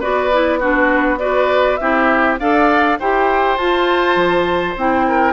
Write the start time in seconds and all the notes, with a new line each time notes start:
0.00 B3 F#4 B4 D5
0.32 E4
0.59 D4 F#4 B4
1.19 F#4 B4 D5
1.76 C4 E4 G4 E5
2.40 D4 A4 D5 F5
2.99 E4 G4 C5 G5
3.58 F4 A5
4.16 F3
4.76 C4 E4 G5
5.08 A#4